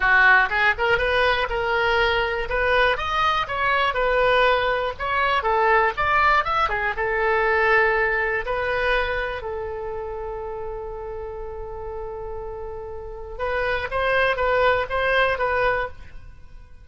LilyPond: \new Staff \with { instrumentName = "oboe" } { \time 4/4 \tempo 4 = 121 fis'4 gis'8 ais'8 b'4 ais'4~ | ais'4 b'4 dis''4 cis''4 | b'2 cis''4 a'4 | d''4 e''8 gis'8 a'2~ |
a'4 b'2 a'4~ | a'1~ | a'2. b'4 | c''4 b'4 c''4 b'4 | }